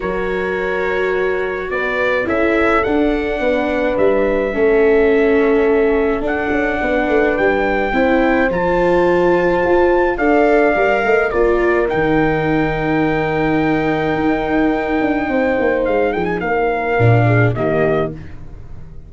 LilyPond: <<
  \new Staff \with { instrumentName = "trumpet" } { \time 4/4 \tempo 4 = 106 cis''2. d''4 | e''4 fis''2 e''4~ | e''2. fis''4~ | fis''4 g''2 a''4~ |
a''2 f''2 | d''4 g''2.~ | g''1 | f''8 g''16 gis''16 f''2 dis''4 | }
  \new Staff \with { instrumentName = "horn" } { \time 4/4 ais'2. b'4 | a'2 b'2 | a'1 | b'2 c''2~ |
c''2 d''4. dis''8 | ais'1~ | ais'2. c''4~ | c''8 gis'8 ais'4. gis'8 g'4 | }
  \new Staff \with { instrumentName = "viola" } { \time 4/4 fis'1 | e'4 d'2. | cis'2. d'4~ | d'2 e'4 f'4~ |
f'2 a'4 ais'4 | f'4 dis'2.~ | dis'1~ | dis'2 d'4 ais4 | }
  \new Staff \with { instrumentName = "tuba" } { \time 4/4 fis2. b4 | cis'4 d'4 b4 g4 | a2. d'8 cis'8 | b8 a8 g4 c'4 f4~ |
f4 f'4 d'4 g8 a8 | ais4 dis2.~ | dis4 dis'4. d'8 c'8 ais8 | gis8 f8 ais4 ais,4 dis4 | }
>>